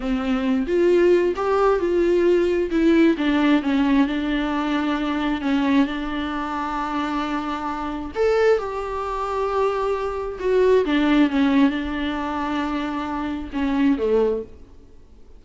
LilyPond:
\new Staff \with { instrumentName = "viola" } { \time 4/4 \tempo 4 = 133 c'4. f'4. g'4 | f'2 e'4 d'4 | cis'4 d'2. | cis'4 d'2.~ |
d'2 a'4 g'4~ | g'2. fis'4 | d'4 cis'4 d'2~ | d'2 cis'4 a4 | }